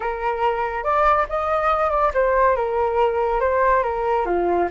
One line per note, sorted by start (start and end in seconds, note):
0.00 0.83 A#4
0.83 1.26 D5
1.29 1.90 D#5
1.90 2.11 D5
2.14 2.56 C5
2.56 3.40 A#4
3.40 3.83 C5
3.83 4.25 A#4
4.25 4.68 F4